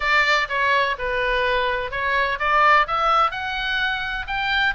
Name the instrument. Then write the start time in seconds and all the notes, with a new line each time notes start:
oboe
0.00 D5
0.48 C#5
0.98 B4
1.91 C#5
2.39 D5
2.87 E5
3.31 F#5
4.27 G5